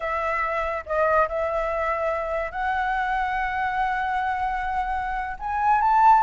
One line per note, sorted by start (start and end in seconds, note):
0.00 0.84 E5
0.85 1.28 D#5
1.28 2.51 E5
2.51 5.36 F#5
5.39 5.81 G#5
5.81 6.22 A5